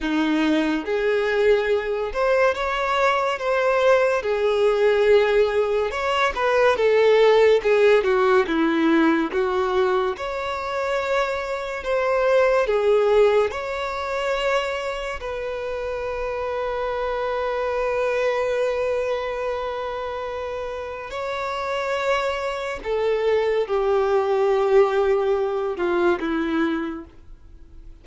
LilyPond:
\new Staff \with { instrumentName = "violin" } { \time 4/4 \tempo 4 = 71 dis'4 gis'4. c''8 cis''4 | c''4 gis'2 cis''8 b'8 | a'4 gis'8 fis'8 e'4 fis'4 | cis''2 c''4 gis'4 |
cis''2 b'2~ | b'1~ | b'4 cis''2 a'4 | g'2~ g'8 f'8 e'4 | }